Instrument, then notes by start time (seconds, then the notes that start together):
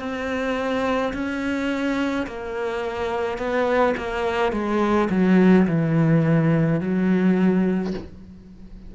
cello
0.00 C4
1.14 C#4
2.27 A#3
3.38 B3
3.97 A#3
4.53 G#3
5.10 F#3
5.68 E3
6.81 F#3